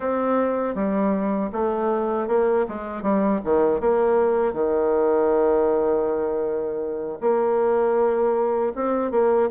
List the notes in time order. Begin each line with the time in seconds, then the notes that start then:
0.00 C4
0.74 G3
1.52 A3
2.28 A#3
2.68 G#3
3.02 G3
3.44 D#3
3.80 A#3
4.53 D#3
7.20 A#3
8.75 C4
9.11 A#3